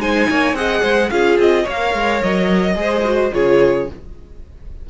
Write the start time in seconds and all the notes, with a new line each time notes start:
0.00 G#3 D#4 C5 G#5
0.30 A#3 C#5
0.54 C4 G#4 D#5 F#5
0.82 G#3 C5
1.10 C#4 F4 G#4 F5
1.38 C4 D#5
1.64 A#3 C#5
1.70 A#4 F5
1.94 G#3
2.23 F#3 D#5
2.76 G#3 G#4 C5
3.05 F#4
3.32 C#3 F4 G#4 C#5